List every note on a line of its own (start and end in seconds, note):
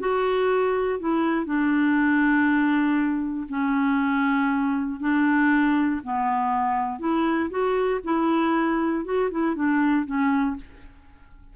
0.00 1.00 F#4
1.00 1.46 E4
1.46 3.47 D4
3.49 5.00 C#4
5.00 6.01 D4
6.04 6.99 B3
6.99 7.50 E4
7.50 8.01 F#4
8.04 9.05 E4
9.05 9.30 F#4
9.31 9.55 E4
9.55 10.06 D4
10.06 10.56 C#4